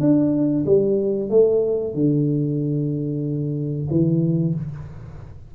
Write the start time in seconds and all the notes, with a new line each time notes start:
0.00 D4
0.65 G3
1.30 A3
1.94 D3
3.90 E3